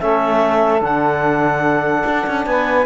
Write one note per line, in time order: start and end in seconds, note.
0.00 0.81 A3
0.00 0.81 C#4
0.00 2.47 A4
0.00 0.82 E5
0.81 2.03 D3
0.81 2.85 D4
0.81 2.46 F#5
2.06 2.27 D4
2.27 2.46 C#4
2.46 2.86 B3
2.46 2.86 B4
2.46 2.86 G#5